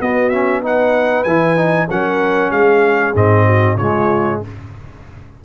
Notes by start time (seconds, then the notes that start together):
0.00 B3 F#4 D#5
0.29 C#4 E5
0.62 D#4 B4 F#5
1.23 E3 E4 G#5
1.56 D#4
1.89 F#3 C#4 A#4 F#5
2.50 G#3 G#4 F5
3.14 G#2 C4 D#5
3.45 F#4
3.77 C#3 G#3 F4 C#5